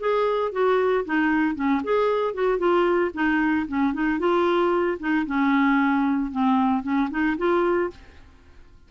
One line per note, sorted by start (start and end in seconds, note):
0.00 0.52 G#4
0.52 1.05 F#4
1.06 1.56 D#4
1.56 1.82 C#4
1.84 2.34 G#4
2.34 2.59 F#4
2.59 3.11 F4
3.14 3.67 D#4
3.68 3.94 C#4
3.94 4.20 D#4
4.20 4.99 F4
5.00 5.26 D#4
5.27 6.32 C#4
6.32 6.83 C4
6.83 7.10 C#4
7.11 7.37 D#4
7.38 7.91 F4